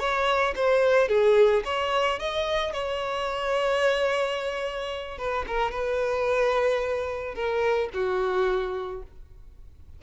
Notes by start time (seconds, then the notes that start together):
0.00 C#5
0.56 C5
1.09 G#4
1.65 C#5
2.20 D#5
2.73 C#5
5.18 B4
5.48 A#4
5.72 B4
7.35 A#4
7.94 F#4